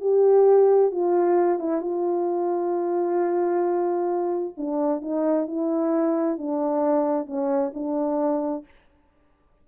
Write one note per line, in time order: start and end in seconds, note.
0.00 0.91 G4
0.91 1.59 F4
1.59 1.81 E4
1.81 4.54 F4
4.57 5.01 D4
5.01 5.47 D#4
5.47 6.38 E4
6.38 7.26 D4
7.26 7.71 C#4
7.74 8.65 D4